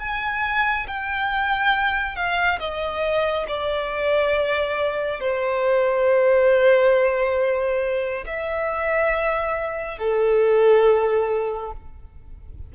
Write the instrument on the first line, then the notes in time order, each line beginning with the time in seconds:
violin
0.00 G#5
0.88 G5
2.16 F5
2.60 D#5
3.48 D5
5.21 C5
8.26 E5
9.98 A4